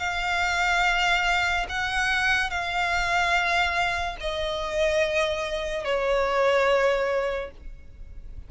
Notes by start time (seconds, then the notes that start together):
0.00 F5
1.69 F#5
2.50 F5
4.20 D#5
5.85 C#5